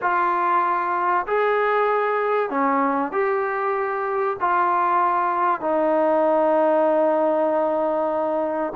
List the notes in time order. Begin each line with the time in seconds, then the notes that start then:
0.01 F4
1.26 G#4
2.50 C#4
3.11 G4
4.40 F4
5.60 D#4